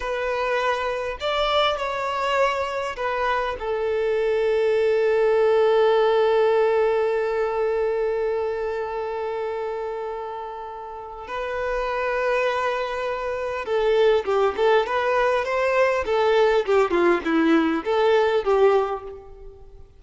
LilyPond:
\new Staff \with { instrumentName = "violin" } { \time 4/4 \tempo 4 = 101 b'2 d''4 cis''4~ | cis''4 b'4 a'2~ | a'1~ | a'1~ |
a'2. b'4~ | b'2. a'4 | g'8 a'8 b'4 c''4 a'4 | g'8 f'8 e'4 a'4 g'4 | }